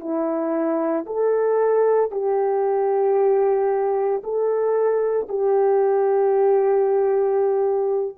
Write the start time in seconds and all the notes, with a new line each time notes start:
0.00 E4
1.06 A4
2.11 G4
4.23 A4
5.28 G4